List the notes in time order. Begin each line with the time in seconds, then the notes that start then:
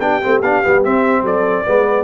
0.00 B3 D4 G4 G5
0.22 A3 C4
0.42 B3 D4 F5
0.64 G3 B3
0.85 C4 E5
1.22 F#3 A4 D5
1.65 G#3 B3 B4